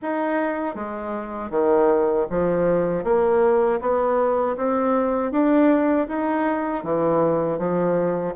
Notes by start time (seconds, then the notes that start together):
0.02 D#4
0.74 G#3
1.50 D#3
2.30 F3
3.04 A#3
3.80 B3
4.56 C4
5.31 D4
6.08 D#4
6.83 E3
7.58 F3